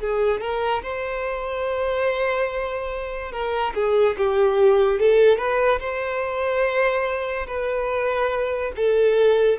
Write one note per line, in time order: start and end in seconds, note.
0.00 0.41 G#4
0.41 0.82 A#4
0.83 3.32 C5
3.32 3.73 A#4
3.75 4.16 G#4
4.17 4.99 G4
4.99 5.38 A4
5.38 5.80 B4
5.80 7.47 C5
7.47 8.72 B4
8.77 9.59 A4